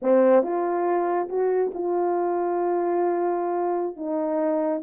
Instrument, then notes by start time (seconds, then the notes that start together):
horn
0.02 C4
0.42 F4
1.29 F#4
1.74 F4
3.96 D#4